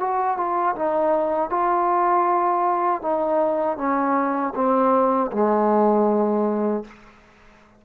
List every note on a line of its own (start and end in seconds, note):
0.00 0.37 F#4
0.37 0.75 F4
0.75 1.50 D#4
1.50 3.02 F4
3.02 3.78 D#4
3.78 4.54 C#4
4.55 5.31 C4
5.32 6.84 G#3